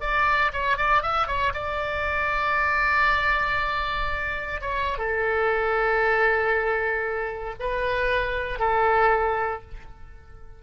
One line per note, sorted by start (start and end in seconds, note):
0.00 0.51 D5
0.52 0.77 C#5
0.77 1.02 D5
1.02 1.27 E5
1.27 1.53 C#5
1.53 4.61 D5
4.61 4.97 C#5
4.97 7.54 A4
7.59 8.59 B4
8.59 9.61 A4